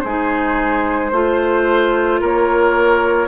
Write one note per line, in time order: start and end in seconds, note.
0.00 1.12 G#3
0.00 1.12 D#4
0.00 1.11 G#4
0.00 2.18 C5
1.11 2.21 A3
1.11 3.27 F4
1.11 2.20 C5
2.21 3.27 A#3
2.21 3.27 A#4
2.21 3.27 C#5